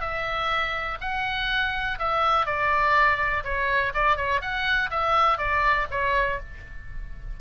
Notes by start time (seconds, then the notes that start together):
0.00 E5
1.00 F#5
1.99 E5
2.46 D5
3.44 C#5
3.94 D5
4.16 C#5
4.41 F#5
4.90 E5
5.37 D5
5.91 C#5